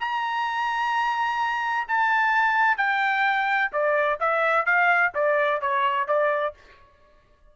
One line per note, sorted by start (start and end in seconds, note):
0.00 1.87 A#5
1.88 2.77 A5
2.77 3.71 G5
3.72 4.19 D5
4.20 4.66 E5
4.66 5.13 F5
5.15 5.61 D5
5.61 6.08 C#5
6.08 6.55 D5